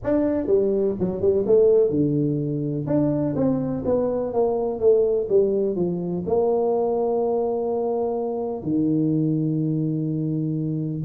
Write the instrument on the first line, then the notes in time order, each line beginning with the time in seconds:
tuba
0.03 D4
0.47 G3
0.99 F#3
1.21 G3
1.46 A3
1.90 D3
2.86 D4
3.35 C4
3.85 B3
4.33 A#3
4.79 A3
5.29 G3
5.75 F3
6.26 A#3
8.62 D#3